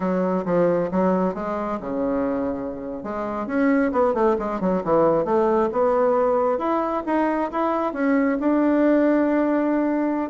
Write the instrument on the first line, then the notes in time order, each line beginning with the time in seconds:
bassoon
0.00 F#3
0.45 F3
0.91 F#3
1.34 G#3
1.80 C#3
3.03 G#3
3.47 C#4
3.92 B3
4.14 A3
4.38 G#3
4.60 F#3
4.84 E3
5.24 A3
5.72 B3
6.58 E4
7.06 D#4
7.51 E4
7.93 C#4
8.40 D4